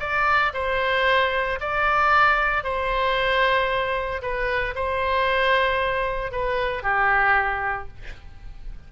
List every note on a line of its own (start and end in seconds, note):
0.00 0.53 D5
0.54 1.59 C5
1.61 2.64 D5
2.64 4.22 C5
4.22 4.75 B4
4.76 6.32 C5
6.32 6.83 B4
6.83 7.88 G4